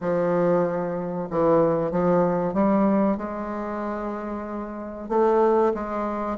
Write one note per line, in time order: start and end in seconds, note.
0.00 1.28 F3
1.30 1.91 E3
1.91 2.53 F3
2.53 3.17 G3
3.17 5.08 G#3
5.08 5.72 A3
5.74 6.37 G#3